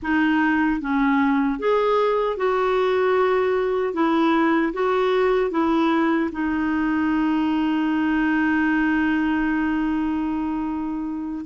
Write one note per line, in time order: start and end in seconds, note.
0.02 0.81 D#4
0.81 1.59 C#4
1.59 2.36 G#4
2.36 3.93 F#4
3.93 4.72 E4
4.73 5.50 F#4
5.50 6.29 E4
6.32 11.45 D#4